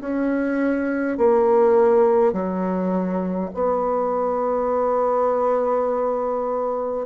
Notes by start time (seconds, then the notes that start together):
0.00 C#4
1.17 A#3
2.33 F#3
3.54 B3